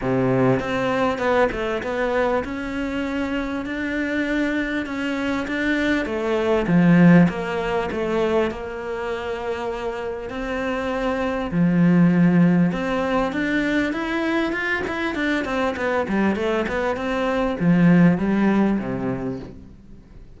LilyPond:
\new Staff \with { instrumentName = "cello" } { \time 4/4 \tempo 4 = 99 c4 c'4 b8 a8 b4 | cis'2 d'2 | cis'4 d'4 a4 f4 | ais4 a4 ais2~ |
ais4 c'2 f4~ | f4 c'4 d'4 e'4 | f'8 e'8 d'8 c'8 b8 g8 a8 b8 | c'4 f4 g4 c4 | }